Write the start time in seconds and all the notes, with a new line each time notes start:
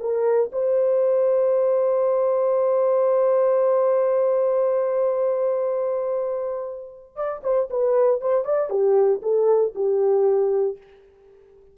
0.00 A#4
0.53 C5
7.16 D5
7.44 C5
7.70 B4
8.21 C5
8.45 D5
8.70 G4
9.23 A4
9.75 G4